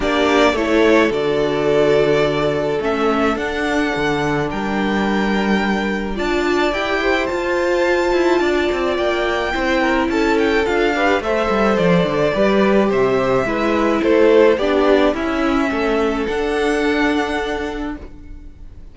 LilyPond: <<
  \new Staff \with { instrumentName = "violin" } { \time 4/4 \tempo 4 = 107 d''4 cis''4 d''2~ | d''4 e''4 fis''2 | g''2. a''4 | g''4 a''2. |
g''2 a''8 g''8 f''4 | e''4 d''2 e''4~ | e''4 c''4 d''4 e''4~ | e''4 fis''2. | }
  \new Staff \with { instrumentName = "violin" } { \time 4/4 g'4 a'2.~ | a'1 | ais'2. d''4~ | d''8 c''2~ c''8 d''4~ |
d''4 c''8 ais'8 a'4. b'8 | c''2 b'4 c''4 | b'4 a'4 g'4 e'4 | a'1 | }
  \new Staff \with { instrumentName = "viola" } { \time 4/4 d'4 e'4 fis'2~ | fis'4 cis'4 d'2~ | d'2. f'4 | g'4 f'2.~ |
f'4 e'2 f'8 g'8 | a'2 g'2 | e'2 d'4 cis'4~ | cis'4 d'2. | }
  \new Staff \with { instrumentName = "cello" } { \time 4/4 ais4 a4 d2~ | d4 a4 d'4 d4 | g2. d'4 | e'4 f'4. e'8 d'8 c'8 |
ais4 c'4 cis'4 d'4 | a8 g8 f8 d8 g4 c4 | gis4 a4 b4 cis'4 | a4 d'2. | }
>>